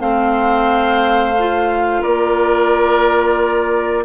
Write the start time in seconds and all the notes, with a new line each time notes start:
0.00 A3 C4 C5 F5
1.39 F4
2.02 A#3 A#4 D5